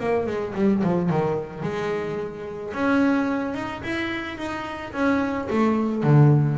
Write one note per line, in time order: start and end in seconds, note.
0.00 0.27 A#3
0.27 0.54 G#3
0.55 0.83 G3
0.83 1.10 F3
1.10 1.63 D#3
1.63 2.73 G#3
2.74 3.55 C#4
3.55 3.82 D#4
3.83 4.38 E4
4.38 4.93 D#4
4.93 5.48 C#4
5.50 6.04 A3
6.04 6.59 D3